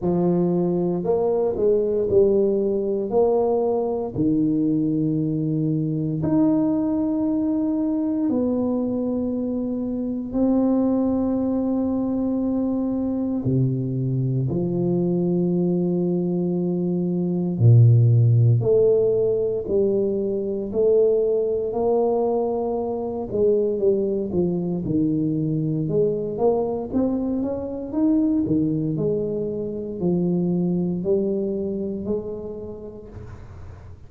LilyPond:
\new Staff \with { instrumentName = "tuba" } { \time 4/4 \tempo 4 = 58 f4 ais8 gis8 g4 ais4 | dis2 dis'2 | b2 c'2~ | c'4 c4 f2~ |
f4 ais,4 a4 g4 | a4 ais4. gis8 g8 f8 | dis4 gis8 ais8 c'8 cis'8 dis'8 dis8 | gis4 f4 g4 gis4 | }